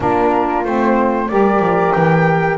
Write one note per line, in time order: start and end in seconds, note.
0.00 0.64 A#3
0.00 0.64 D4
0.00 1.30 F4
0.00 0.64 A#4
0.64 1.29 A3
0.64 1.29 C4
0.64 1.28 C5
1.28 1.59 G3
1.28 2.57 G4
1.28 2.57 A#4
1.28 1.92 D5
1.59 1.92 F3
1.92 2.57 E3
1.92 2.57 G5